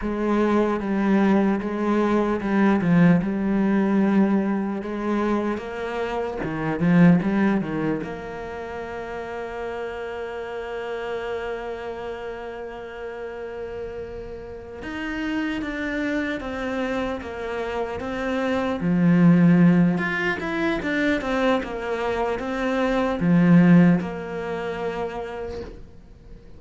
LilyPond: \new Staff \with { instrumentName = "cello" } { \time 4/4 \tempo 4 = 75 gis4 g4 gis4 g8 f8 | g2 gis4 ais4 | dis8 f8 g8 dis8 ais2~ | ais1~ |
ais2~ ais8 dis'4 d'8~ | d'8 c'4 ais4 c'4 f8~ | f4 f'8 e'8 d'8 c'8 ais4 | c'4 f4 ais2 | }